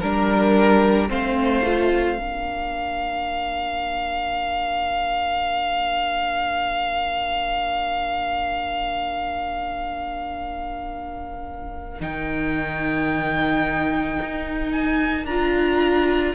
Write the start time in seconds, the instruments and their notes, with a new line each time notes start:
0.00 cello G3, viola D4, violin A#4
1.09 cello A3, viola C4, violin C5 F5
1.64 viola F4
2.16 cello A#3, viola D4, violin A#4
12.00 cello D#3, viola D#4, violin G5
14.22 cello D#4
14.72 violin G#5
15.25 cello D4, viola F4, violin A#5